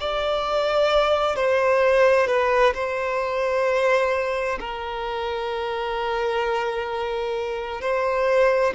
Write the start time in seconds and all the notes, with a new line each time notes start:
0.00 D5
1.36 C5
2.27 B4
2.74 C5
4.59 A#4
7.81 C5